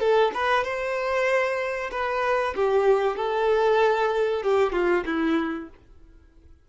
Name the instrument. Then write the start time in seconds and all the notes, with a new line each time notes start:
violin
0.00 A4
0.34 B4
0.64 C5
1.91 B4
2.56 G4
3.17 A4
4.43 G4
4.73 F4
5.06 E4